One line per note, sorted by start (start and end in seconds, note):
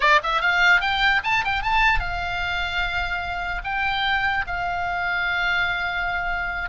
0.00 0.20 D5
0.23 0.41 E5
0.41 0.81 F5
0.81 1.21 G5
1.23 1.43 A5
1.44 1.62 G5
1.62 1.99 A5
1.99 3.61 F5
3.64 4.45 G5
4.46 6.69 F5